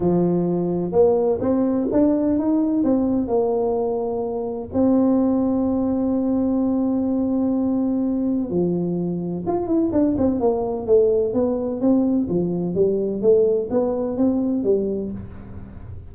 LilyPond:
\new Staff \with { instrumentName = "tuba" } { \time 4/4 \tempo 4 = 127 f2 ais4 c'4 | d'4 dis'4 c'4 ais4~ | ais2 c'2~ | c'1~ |
c'2 f2 | f'8 e'8 d'8 c'8 ais4 a4 | b4 c'4 f4 g4 | a4 b4 c'4 g4 | }